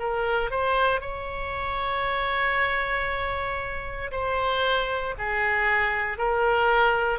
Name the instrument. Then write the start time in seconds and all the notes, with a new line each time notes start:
oboe
0.00 A#4
0.51 C5
1.01 C#5
4.12 C5
5.19 G#4
6.18 A#4